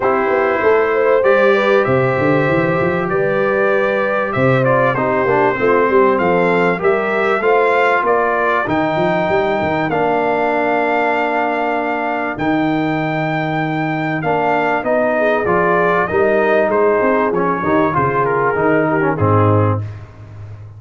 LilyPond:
<<
  \new Staff \with { instrumentName = "trumpet" } { \time 4/4 \tempo 4 = 97 c''2 d''4 e''4~ | e''4 d''2 e''8 d''8 | c''2 f''4 e''4 | f''4 d''4 g''2 |
f''1 | g''2. f''4 | dis''4 d''4 dis''4 c''4 | cis''4 c''8 ais'4. gis'4 | }
  \new Staff \with { instrumentName = "horn" } { \time 4/4 g'4 a'8 c''4 b'8 c''4~ | c''4 b'2 c''4 | g'4 f'8 g'8 a'4 ais'4 | c''4 ais'2.~ |
ais'1~ | ais'1~ | ais'8 gis'4. ais'4 gis'4~ | gis'8 g'8 gis'4. g'8 dis'4 | }
  \new Staff \with { instrumentName = "trombone" } { \time 4/4 e'2 g'2~ | g'2.~ g'8 f'8 | dis'8 d'8 c'2 g'4 | f'2 dis'2 |
d'1 | dis'2. d'4 | dis'4 f'4 dis'2 | cis'8 dis'8 f'4 dis'8. cis'16 c'4 | }
  \new Staff \with { instrumentName = "tuba" } { \time 4/4 c'8 b8 a4 g4 c8 d8 | e8 f8 g2 c4 | c'8 ais8 a8 g8 f4 g4 | a4 ais4 dis8 f8 g8 dis8 |
ais1 | dis2. ais4 | b4 f4 g4 gis8 c'8 | f8 dis8 cis4 dis4 gis,4 | }
>>